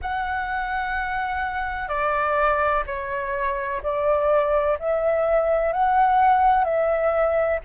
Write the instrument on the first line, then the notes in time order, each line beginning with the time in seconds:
flute
0.01 F#5
1.88 D5
2.86 C#5
3.82 D5
4.79 E5
5.72 F#5
6.64 E5